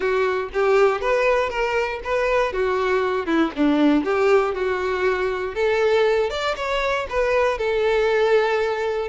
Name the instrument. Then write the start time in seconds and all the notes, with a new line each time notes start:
violin
0.00 F#4
0.53 G4
1.01 B4
1.49 A#4
2.04 B4
2.52 F#4
3.26 E4
3.56 D4
4.04 G4
4.54 F#4
5.54 A4
6.30 D5
6.56 C#5
7.09 B4
7.58 A4